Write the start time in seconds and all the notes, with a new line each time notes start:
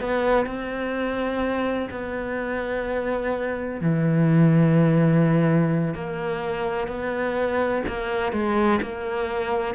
0.00 B3
0.45 C4
1.90 B3
3.81 E3
5.94 A#3
6.87 B3
7.87 A#3
8.32 G#3
8.82 A#3